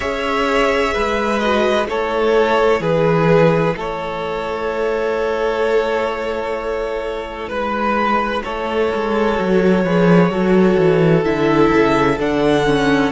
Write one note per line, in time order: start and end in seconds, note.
0.00 0.93 C#4
0.00 1.39 G#4
0.00 0.93 C#5
0.00 1.39 E5
0.93 1.88 G#3
0.93 1.87 B4
1.39 1.85 F#4
1.39 1.86 D#5
1.85 2.80 A3
1.85 9.35 E4
1.85 2.80 A4
1.85 2.82 C#5
2.80 3.73 E3
2.80 3.74 G#4
2.80 3.76 B4
3.76 7.49 A3
3.76 7.49 A4
3.76 7.48 C#5
7.48 8.43 G#3
7.48 8.42 B4
7.48 8.43 B4
8.43 8.93 A3
8.43 9.84 A4
8.43 11.24 C#5
8.93 9.38 G#3
9.35 9.83 F#3
9.35 9.82 F#4
9.83 10.29 F3
9.83 10.30 G#4
9.83 10.31 B4
10.29 10.76 F#3
10.29 11.24 F#4
10.29 13.11 A4
10.77 11.24 E3
11.24 11.71 D3
11.24 12.17 E4
11.24 12.18 E5
11.73 12.18 C#3
12.18 13.11 D3
12.18 12.66 D4
12.18 13.11 F#5
12.66 13.11 C#4